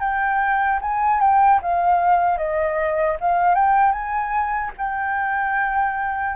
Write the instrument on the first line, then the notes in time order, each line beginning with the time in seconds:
flute
0.00 G5
0.81 G#5
1.20 G5
1.61 F5
2.38 D#5
3.20 F5
3.55 G5
3.92 G#5
4.77 G5